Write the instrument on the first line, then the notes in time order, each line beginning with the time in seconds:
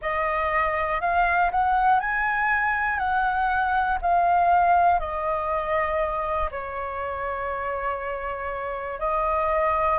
flute
0.01 D#5
1.00 F5
1.51 F#5
2.00 G#5
2.98 F#5
4.01 F5
5.00 D#5
6.50 C#5
8.99 D#5